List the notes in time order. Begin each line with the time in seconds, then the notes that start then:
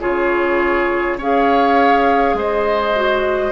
0.00 C#3 F4 G#4 C#5
1.17 C#4 G#4 C#5 F5
2.33 G#3 C5
2.39 D#5
2.95 F#4